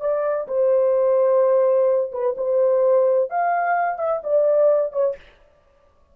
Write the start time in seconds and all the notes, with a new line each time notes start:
0.00 D5
0.47 C5
2.12 B4
2.37 C5
3.30 F5
3.98 E5
4.23 D5
4.92 C#5